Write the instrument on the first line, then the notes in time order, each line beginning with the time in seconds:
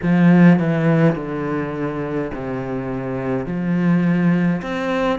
cello
0.02 F3
0.59 E3
1.15 D3
2.34 C3
3.46 F3
4.62 C4